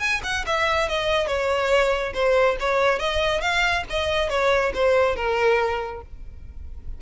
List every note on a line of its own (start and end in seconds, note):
0.00 0.21 G#5
0.24 0.45 F#5
0.47 0.89 E5
0.89 1.28 D#5
1.28 2.14 C#5
2.14 2.57 C5
2.60 3.00 C#5
3.00 3.41 D#5
3.41 3.84 F5
3.90 4.30 D#5
4.30 4.73 C#5
4.75 5.16 C5
5.16 6.02 A#4